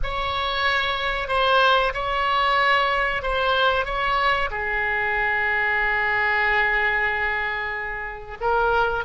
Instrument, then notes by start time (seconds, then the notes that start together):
oboe
0.03 C#5
1.28 C5
1.94 C#5
3.22 C5
3.85 C#5
4.50 G#4
8.40 A#4